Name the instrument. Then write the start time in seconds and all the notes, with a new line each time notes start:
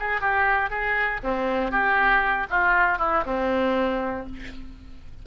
oboe
0.00 G#4
0.21 G4
0.70 G#4
1.24 C4
1.71 G4
2.50 F4
2.99 E4
3.26 C4